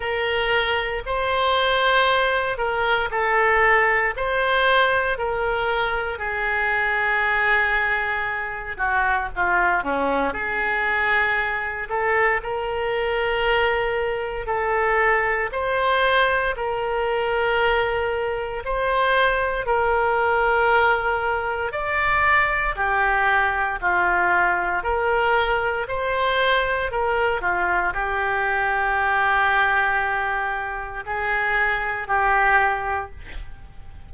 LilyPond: \new Staff \with { instrumentName = "oboe" } { \time 4/4 \tempo 4 = 58 ais'4 c''4. ais'8 a'4 | c''4 ais'4 gis'2~ | gis'8 fis'8 f'8 cis'8 gis'4. a'8 | ais'2 a'4 c''4 |
ais'2 c''4 ais'4~ | ais'4 d''4 g'4 f'4 | ais'4 c''4 ais'8 f'8 g'4~ | g'2 gis'4 g'4 | }